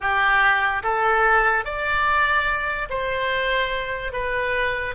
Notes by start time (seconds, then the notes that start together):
0.00 G4
0.83 A4
1.64 D5
2.89 C5
4.12 B4